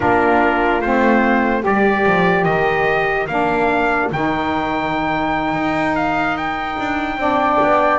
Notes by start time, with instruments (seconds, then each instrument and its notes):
0.00 double bass A#3, saxophone D4, flute F4, trumpet A#4
0.81 double bass A3, saxophone C4, trumpet C5
1.61 double bass G3, saxophone G4, flute A#4, trumpet D5
2.06 double bass F3
2.44 double bass D#3, trumpet D#5
3.27 double bass A#3, saxophone D4, trumpet F5
4.11 double bass D#3, saxophone D#4, trumpet G5
5.53 double bass D#4
5.95 trumpet F5
6.37 trumpet G5
6.79 double bass D4
7.17 double bass C4, saxophone D4, flute D5
7.62 double bass B3